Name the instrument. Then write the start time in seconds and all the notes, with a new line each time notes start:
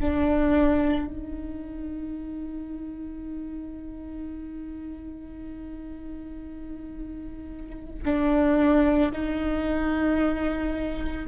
viola
0.00 D4
1.07 D#4
8.05 D4
9.12 D#4